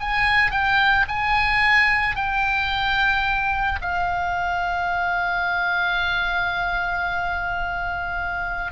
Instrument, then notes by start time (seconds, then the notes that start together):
oboe
0.00 G#5
0.51 G5
1.08 G#5
2.16 G5
3.81 F5